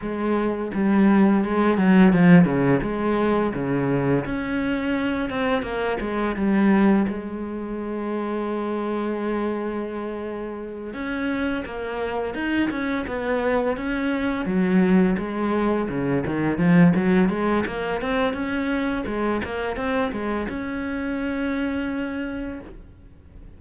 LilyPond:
\new Staff \with { instrumentName = "cello" } { \time 4/4 \tempo 4 = 85 gis4 g4 gis8 fis8 f8 cis8 | gis4 cis4 cis'4. c'8 | ais8 gis8 g4 gis2~ | gis2.~ gis8 cis'8~ |
cis'8 ais4 dis'8 cis'8 b4 cis'8~ | cis'8 fis4 gis4 cis8 dis8 f8 | fis8 gis8 ais8 c'8 cis'4 gis8 ais8 | c'8 gis8 cis'2. | }